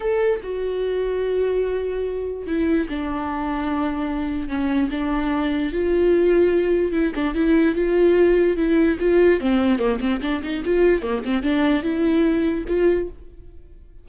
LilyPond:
\new Staff \with { instrumentName = "viola" } { \time 4/4 \tempo 4 = 147 a'4 fis'2.~ | fis'2 e'4 d'4~ | d'2. cis'4 | d'2 f'2~ |
f'4 e'8 d'8 e'4 f'4~ | f'4 e'4 f'4 c'4 | ais8 c'8 d'8 dis'8 f'4 ais8 c'8 | d'4 e'2 f'4 | }